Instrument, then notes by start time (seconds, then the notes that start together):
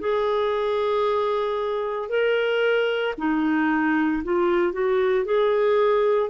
clarinet
0.00 G#4
2.09 A#4
3.18 D#4
4.24 F4
4.73 F#4
5.25 G#4